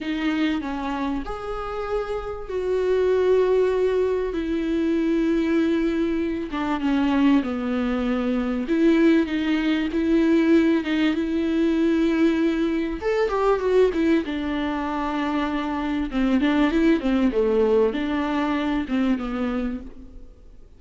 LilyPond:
\new Staff \with { instrumentName = "viola" } { \time 4/4 \tempo 4 = 97 dis'4 cis'4 gis'2 | fis'2. e'4~ | e'2~ e'8 d'8 cis'4 | b2 e'4 dis'4 |
e'4. dis'8 e'2~ | e'4 a'8 g'8 fis'8 e'8 d'4~ | d'2 c'8 d'8 e'8 c'8 | a4 d'4. c'8 b4 | }